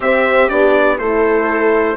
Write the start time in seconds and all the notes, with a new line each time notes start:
0.00 C4 G4 E5
0.48 B3 D4 D5
0.98 A3 E4 A4 C5